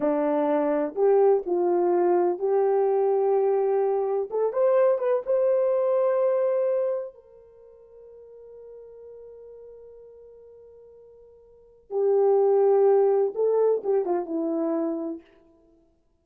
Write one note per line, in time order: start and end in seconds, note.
0.00 0.94 D4
0.95 1.43 G4
1.45 2.38 F4
2.38 4.29 G4
4.30 4.53 A4
4.53 4.98 C5
4.98 5.22 B4
5.26 7.14 C5
7.14 11.90 A#4
11.90 13.33 G4
13.34 13.82 A4
13.83 14.05 G4
14.05 14.25 F4
14.25 15.20 E4